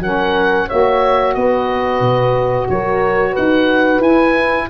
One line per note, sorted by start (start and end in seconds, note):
0.00 0.67 F#3
0.00 0.69 C#4
0.00 0.68 A#4
0.00 0.69 F#5
0.68 1.36 A#3
0.68 4.02 F#4
0.68 1.35 C#5
0.68 1.35 E5
1.35 2.01 B3
1.35 2.70 B4
1.35 2.68 D#5
2.01 2.67 B2
2.70 3.36 F#3
2.70 3.32 A#4
2.70 3.36 C#5
3.32 4.65 B4
3.32 4.02 F#5
3.38 3.99 D#4
3.99 4.66 E4
3.99 4.69 E4
3.99 4.69 G#5